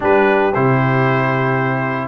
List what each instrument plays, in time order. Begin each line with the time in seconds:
0.00 tuba G3, trombone D4, horn G4, trumpet B4
0.54 tuba C3, trombone E4, trumpet C5